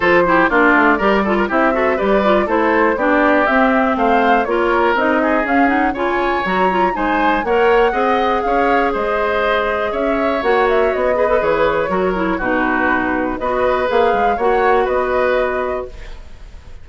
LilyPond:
<<
  \new Staff \with { instrumentName = "flute" } { \time 4/4 \tempo 4 = 121 c''4 d''2 e''4 | d''4 c''4 d''4 e''4 | f''4 cis''4 dis''4 f''8 fis''8 | gis''4 ais''4 gis''4 fis''4~ |
fis''4 f''4 dis''2 | e''4 fis''8 e''8 dis''4 cis''4~ | cis''4 b'2 dis''4 | f''4 fis''4 dis''2 | }
  \new Staff \with { instrumentName = "oboe" } { \time 4/4 a'8 g'8 f'4 ais'8 a'16 ais'16 g'8 a'8 | b'4 a'4 g'2 | c''4 ais'4. gis'4. | cis''2 c''4 cis''4 |
dis''4 cis''4 c''2 | cis''2~ cis''8 b'4. | ais'4 fis'2 b'4~ | b'4 cis''4 b'2 | }
  \new Staff \with { instrumentName = "clarinet" } { \time 4/4 f'8 e'8 d'4 g'8 f'8 e'8 fis'8 | g'8 f'8 e'4 d'4 c'4~ | c'4 f'4 dis'4 cis'8 dis'8 | f'4 fis'8 f'8 dis'4 ais'4 |
gis'1~ | gis'4 fis'4. gis'16 a'16 gis'4 | fis'8 e'8 dis'2 fis'4 | gis'4 fis'2. | }
  \new Staff \with { instrumentName = "bassoon" } { \time 4/4 f4 ais8 a8 g4 c'4 | g4 a4 b4 c'4 | a4 ais4 c'4 cis'4 | cis4 fis4 gis4 ais4 |
c'4 cis'4 gis2 | cis'4 ais4 b4 e4 | fis4 b,2 b4 | ais8 gis8 ais4 b2 | }
>>